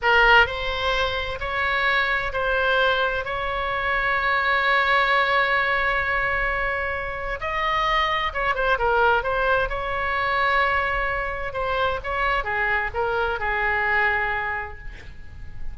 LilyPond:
\new Staff \with { instrumentName = "oboe" } { \time 4/4 \tempo 4 = 130 ais'4 c''2 cis''4~ | cis''4 c''2 cis''4~ | cis''1~ | cis''1 |
dis''2 cis''8 c''8 ais'4 | c''4 cis''2.~ | cis''4 c''4 cis''4 gis'4 | ais'4 gis'2. | }